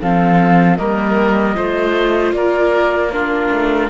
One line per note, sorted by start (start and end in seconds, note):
0.00 0.79 F3
0.00 0.77 C4
0.00 0.78 A4
0.00 0.76 F5
0.76 1.57 G3
0.76 1.55 A#3
0.76 1.56 A#4
0.76 2.32 D#5
1.55 2.33 A3
1.55 3.11 F4
1.55 2.34 C5
2.33 3.50 A#3
2.33 3.13 A#4
2.33 3.11 D5
3.11 3.90 D4
3.11 3.90 F4
3.11 3.89 A#4
3.51 3.90 A3